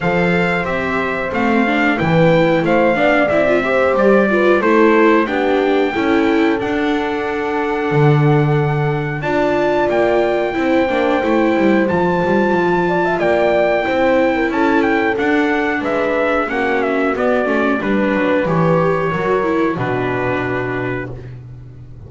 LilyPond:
<<
  \new Staff \with { instrumentName = "trumpet" } { \time 4/4 \tempo 4 = 91 f''4 e''4 f''4 g''4 | f''4 e''4 d''4 c''4 | g''2 fis''2~ | fis''2 a''4 g''4~ |
g''2 a''2 | g''2 a''8 g''8 fis''4 | e''4 fis''8 e''8 d''4 b'4 | cis''2 b'2 | }
  \new Staff \with { instrumentName = "horn" } { \time 4/4 c''2. b'4 | c''8 d''4 c''4 b'8 a'4 | g'4 a'2.~ | a'2 d''2 |
c''2.~ c''8 d''16 e''16 | d''4 c''8. ais'16 a'2 | b'4 fis'2 b'4~ | b'4 ais'4 fis'2 | }
  \new Staff \with { instrumentName = "viola" } { \time 4/4 a'4 g'4 c'8 d'8 e'4~ | e'8 d'8 e'16 f'16 g'4 f'8 e'4 | d'4 e'4 d'2~ | d'2 f'2 |
e'8 d'8 e'4 f'2~ | f'4 e'2 d'4~ | d'4 cis'4 b8 cis'8 d'4 | g'4 fis'8 e'8 d'2 | }
  \new Staff \with { instrumentName = "double bass" } { \time 4/4 f4 c'4 a4 e4 | a8 b8 c'4 g4 a4 | b4 cis'4 d'2 | d2 d'4 ais4 |
c'8 ais8 a8 g8 f8 g8 f4 | ais4 c'4 cis'4 d'4 | gis4 ais4 b8 a8 g8 fis8 | e4 fis4 b,2 | }
>>